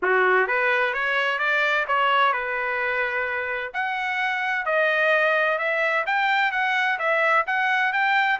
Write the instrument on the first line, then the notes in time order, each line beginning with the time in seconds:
trumpet
0.02 F#4
0.47 B4
0.93 C#5
1.38 D5
1.87 C#5
2.33 B4
3.73 F#5
4.65 D#5
5.58 E5
6.06 G5
6.51 F#5
6.99 E5
7.47 F#5
7.92 G5